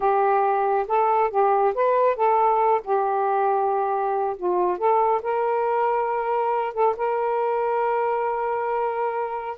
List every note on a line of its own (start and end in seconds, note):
0.00 0.86 G4
0.87 1.30 A4
1.30 1.74 G4
1.74 2.15 B4
2.15 2.81 A4
2.84 4.36 G4
4.36 4.77 F4
4.77 5.21 A4
5.22 6.73 A#4
6.73 6.95 A4
6.96 9.57 A#4